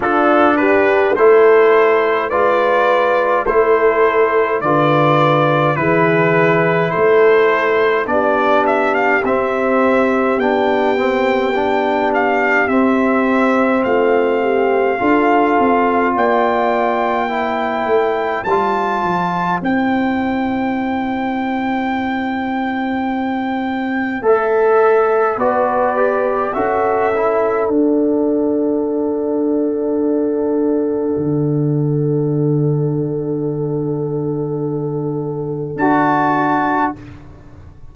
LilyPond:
<<
  \new Staff \with { instrumentName = "trumpet" } { \time 4/4 \tempo 4 = 52 a'8 b'8 c''4 d''4 c''4 | d''4 b'4 c''4 d''8 e''16 f''16 | e''4 g''4. f''8 e''4 | f''2 g''2 |
a''4 g''2.~ | g''4 e''4 d''4 e''4 | fis''1~ | fis''2. a''4 | }
  \new Staff \with { instrumentName = "horn" } { \time 4/4 f'8 g'8 a'4 b'4 a'4 | b'4 gis'4 a'4 g'4~ | g'1 | f'8 g'8 a'4 d''4 c''4~ |
c''1~ | c''2 b'4 a'4~ | a'1~ | a'1 | }
  \new Staff \with { instrumentName = "trombone" } { \time 4/4 d'4 e'4 f'4 e'4 | f'4 e'2 d'4 | c'4 d'8 c'8 d'4 c'4~ | c'4 f'2 e'4 |
f'4 e'2.~ | e'4 a'4 fis'8 g'8 fis'8 e'8 | d'1~ | d'2. fis'4 | }
  \new Staff \with { instrumentName = "tuba" } { \time 4/4 d'4 a4 gis4 a4 | d4 e4 a4 b4 | c'4 b2 c'4 | a4 d'8 c'8 ais4. a8 |
g8 f8 c'2.~ | c'4 a4 b4 cis'4 | d'2. d4~ | d2. d'4 | }
>>